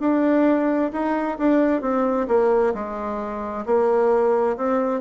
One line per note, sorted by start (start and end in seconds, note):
0.00 0.91 D4
0.93 1.38 D#4
1.38 1.82 D4
1.82 2.27 C4
2.28 2.74 A#3
2.74 3.65 G#3
3.66 4.57 A#3
4.57 5.01 C4